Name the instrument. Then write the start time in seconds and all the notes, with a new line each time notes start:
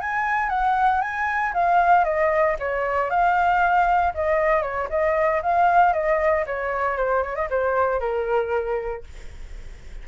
flute
0.00 G#5
0.49 F#5
1.01 G#5
1.53 F5
2.04 D#5
2.59 C#5
3.10 F5
4.14 D#5
4.62 C#5
4.89 D#5
5.42 F5
5.93 D#5
6.46 C#5
6.97 C5
7.22 C#5
7.35 D#5
7.50 C5
8.00 A#4